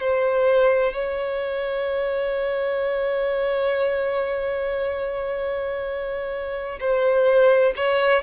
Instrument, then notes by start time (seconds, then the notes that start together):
violin
0.00 C5
0.93 C#5
6.80 C5
7.76 C#5